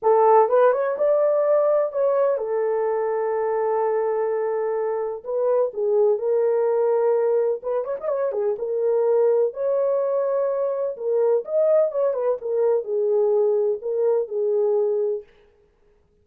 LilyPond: \new Staff \with { instrumentName = "horn" } { \time 4/4 \tempo 4 = 126 a'4 b'8 cis''8 d''2 | cis''4 a'2.~ | a'2. b'4 | gis'4 ais'2. |
b'8 cis''16 dis''16 cis''8 gis'8 ais'2 | cis''2. ais'4 | dis''4 cis''8 b'8 ais'4 gis'4~ | gis'4 ais'4 gis'2 | }